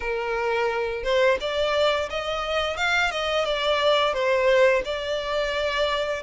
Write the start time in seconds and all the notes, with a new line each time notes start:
0.00 A#4
1.03 C5
1.40 D5
2.09 D#5
2.76 F5
3.11 D#5
3.45 D5
4.13 C5
4.84 D5